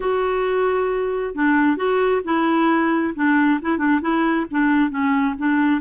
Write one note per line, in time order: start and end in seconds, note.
0.00 1.34 F#4
1.34 1.76 D4
1.76 2.21 F#4
2.24 3.13 E4
3.15 3.60 D4
3.61 3.78 E4
3.78 4.00 D4
4.01 4.46 E4
4.50 4.90 D4
4.90 5.34 C#4
5.38 5.81 D4